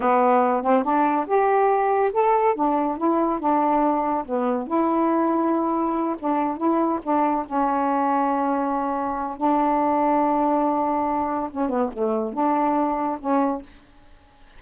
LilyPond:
\new Staff \with { instrumentName = "saxophone" } { \time 4/4 \tempo 4 = 141 b4. c'8 d'4 g'4~ | g'4 a'4 d'4 e'4 | d'2 b4 e'4~ | e'2~ e'8 d'4 e'8~ |
e'8 d'4 cis'2~ cis'8~ | cis'2 d'2~ | d'2. cis'8 b8 | a4 d'2 cis'4 | }